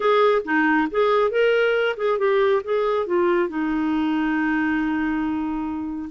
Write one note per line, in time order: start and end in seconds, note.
0.00 0.42 G#4
0.44 0.88 D#4
0.90 1.30 G#4
1.30 1.96 A#4
1.96 2.18 G#4
2.18 2.62 G4
2.63 3.06 G#4
3.06 3.48 F4
3.48 6.09 D#4